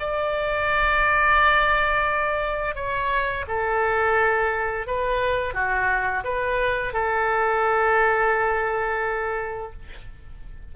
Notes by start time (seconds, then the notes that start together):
0.00 D5
2.76 C#5
3.48 A4
4.87 B4
5.54 F#4
6.24 B4
6.94 A4